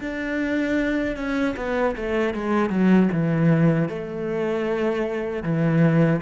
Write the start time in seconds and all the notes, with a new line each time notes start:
0.00 D4
1.16 C#4
1.56 B3
1.96 A3
2.34 G#3
2.70 F#3
3.12 E3
3.89 A3
5.43 E3